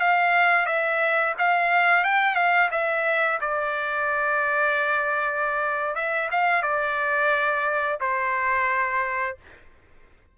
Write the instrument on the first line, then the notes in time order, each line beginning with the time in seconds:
trumpet
0.00 F5
0.66 E5
1.38 F5
2.04 G5
2.35 F5
2.71 E5
3.41 D5
5.95 E5
6.31 F5
6.62 D5
8.00 C5